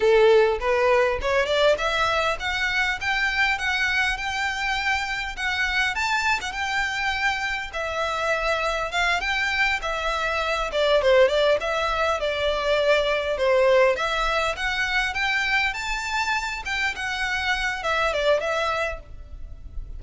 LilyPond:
\new Staff \with { instrumentName = "violin" } { \time 4/4 \tempo 4 = 101 a'4 b'4 cis''8 d''8 e''4 | fis''4 g''4 fis''4 g''4~ | g''4 fis''4 a''8. fis''16 g''4~ | g''4 e''2 f''8 g''8~ |
g''8 e''4. d''8 c''8 d''8 e''8~ | e''8 d''2 c''4 e''8~ | e''8 fis''4 g''4 a''4. | g''8 fis''4. e''8 d''8 e''4 | }